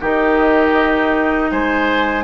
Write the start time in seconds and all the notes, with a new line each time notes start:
0.00 D#3 D#4 G4 D#5
1.51 G#3 C5 G#5